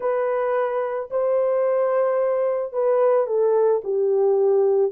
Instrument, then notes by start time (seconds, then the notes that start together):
horn
0.00 B4
1.10 C5
2.72 B4
3.27 A4
3.84 G4